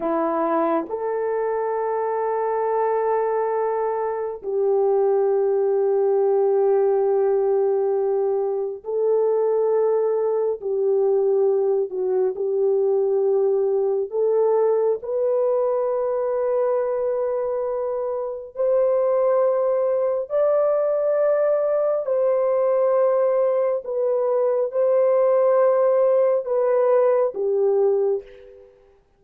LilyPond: \new Staff \with { instrumentName = "horn" } { \time 4/4 \tempo 4 = 68 e'4 a'2.~ | a'4 g'2.~ | g'2 a'2 | g'4. fis'8 g'2 |
a'4 b'2.~ | b'4 c''2 d''4~ | d''4 c''2 b'4 | c''2 b'4 g'4 | }